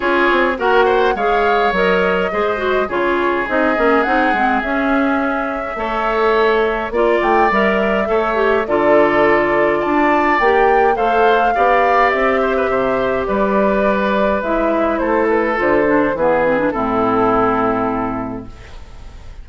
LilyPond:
<<
  \new Staff \with { instrumentName = "flute" } { \time 4/4 \tempo 4 = 104 cis''4 fis''4 f''4 dis''4~ | dis''4 cis''4 dis''4 fis''4 | e''1 | d''8 g''8 e''2 d''4~ |
d''4 a''4 g''4 f''4~ | f''4 e''2 d''4~ | d''4 e''4 c''8 b'8 c''4 | b'4 a'2. | }
  \new Staff \with { instrumentName = "oboe" } { \time 4/4 gis'4 ais'8 c''8 cis''2 | c''4 gis'2.~ | gis'2 cis''2 | d''2 cis''4 a'4~ |
a'4 d''2 c''4 | d''4. c''16 b'16 c''4 b'4~ | b'2 a'2 | gis'4 e'2. | }
  \new Staff \with { instrumentName = "clarinet" } { \time 4/4 f'4 fis'4 gis'4 ais'4 | gis'8 fis'8 f'4 dis'8 cis'8 dis'8 c'8 | cis'2 a'2 | f'4 ais'4 a'8 g'8 f'4~ |
f'2 g'4 a'4 | g'1~ | g'4 e'2 f'8 d'8 | b8 c'16 d'16 c'2. | }
  \new Staff \with { instrumentName = "bassoon" } { \time 4/4 cis'8 c'8 ais4 gis4 fis4 | gis4 cis4 c'8 ais8 c'8 gis8 | cis'2 a2 | ais8 a8 g4 a4 d4~ |
d4 d'4 ais4 a4 | b4 c'4 c4 g4~ | g4 gis4 a4 d4 | e4 a,2. | }
>>